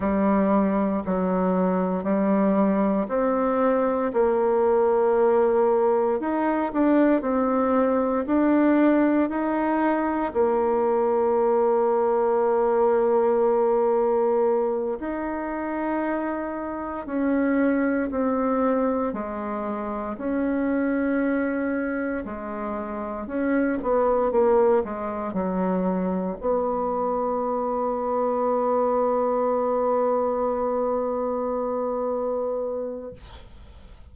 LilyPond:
\new Staff \with { instrumentName = "bassoon" } { \time 4/4 \tempo 4 = 58 g4 fis4 g4 c'4 | ais2 dis'8 d'8 c'4 | d'4 dis'4 ais2~ | ais2~ ais8 dis'4.~ |
dis'8 cis'4 c'4 gis4 cis'8~ | cis'4. gis4 cis'8 b8 ais8 | gis8 fis4 b2~ b8~ | b1 | }